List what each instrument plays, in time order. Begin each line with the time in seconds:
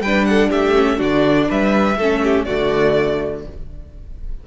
0.00 cello G3, viola D4, violin B4 G5
0.25 violin A4 F#5
0.49 cello A3, violin G4 E5
0.75 viola C#4
0.97 cello D3, viola D4, violin F#4 D5
1.48 cello G3, violin B4 E5
1.96 cello A3, viola C#4, violin A4
2.23 violin G4
2.44 cello D3, viola A3, violin F#4 D5